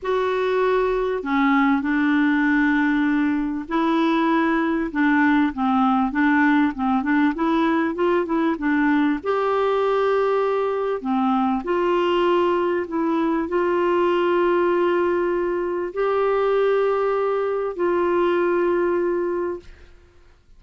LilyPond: \new Staff \with { instrumentName = "clarinet" } { \time 4/4 \tempo 4 = 98 fis'2 cis'4 d'4~ | d'2 e'2 | d'4 c'4 d'4 c'8 d'8 | e'4 f'8 e'8 d'4 g'4~ |
g'2 c'4 f'4~ | f'4 e'4 f'2~ | f'2 g'2~ | g'4 f'2. | }